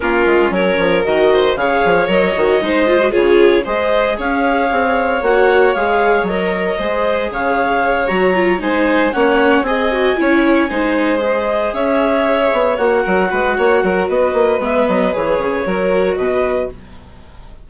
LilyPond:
<<
  \new Staff \with { instrumentName = "clarinet" } { \time 4/4 \tempo 4 = 115 ais'4 cis''4 dis''4 f''4 | dis''2 cis''4 dis''4 | f''2 fis''4 f''4 | dis''2 f''4. ais''8~ |
ais''8 gis''4 fis''4 gis''4.~ | gis''4. dis''4 e''4.~ | e''8 fis''2~ fis''8 dis''4 | e''8 dis''8 cis''2 dis''4 | }
  \new Staff \with { instrumentName = "violin" } { \time 4/4 f'4 ais'4. c''8 cis''4~ | cis''4 c''4 gis'4 c''4 | cis''1~ | cis''4 c''4 cis''2~ |
cis''8 c''4 cis''4 dis''4 cis''8~ | cis''8 c''2 cis''4.~ | cis''4 ais'8 b'8 cis''8 ais'8 b'4~ | b'2 ais'4 b'4 | }
  \new Staff \with { instrumentName = "viola" } { \time 4/4 cis'2 fis'4 gis'4 | ais'8 fis'8 dis'8 f'16 fis'16 f'4 gis'4~ | gis'2 fis'4 gis'4 | ais'4 gis'2~ gis'8 fis'8 |
f'8 dis'4 cis'4 gis'8 fis'8 e'8~ | e'8 dis'4 gis'2~ gis'8~ | gis'8 fis'2.~ fis'8 | b4 gis'4 fis'2 | }
  \new Staff \with { instrumentName = "bassoon" } { \time 4/4 ais8 gis8 fis8 f8 dis4 cis8 f8 | fis8 dis8 gis4 cis4 gis4 | cis'4 c'4 ais4 gis4 | fis4 gis4 cis4. fis8~ |
fis8 gis4 ais4 c'4 cis'8~ | cis'8 gis2 cis'4. | b8 ais8 fis8 gis8 ais8 fis8 b8 ais8 | gis8 fis8 e8 cis8 fis4 b,4 | }
>>